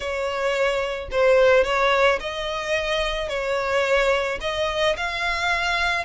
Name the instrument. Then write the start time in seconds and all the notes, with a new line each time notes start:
violin
0.00 C#5
1.11 C5
1.64 C#5
2.20 D#5
3.28 C#5
4.40 D#5
4.96 F5